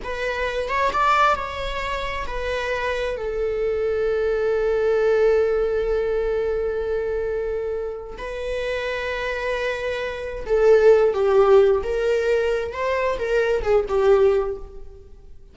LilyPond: \new Staff \with { instrumentName = "viola" } { \time 4/4 \tempo 4 = 132 b'4. cis''8 d''4 cis''4~ | cis''4 b'2 a'4~ | a'1~ | a'1~ |
a'2 b'2~ | b'2. a'4~ | a'8 g'4. ais'2 | c''4 ais'4 gis'8 g'4. | }